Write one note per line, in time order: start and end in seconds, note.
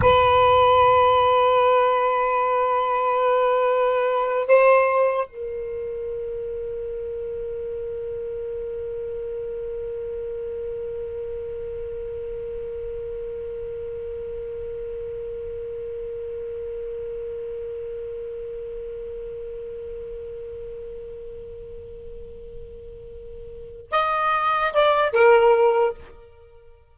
0.01 4.47 B4
4.47 5.27 C5
5.27 23.91 A#4
23.91 24.72 D#5
24.73 25.12 D5
25.12 25.93 A#4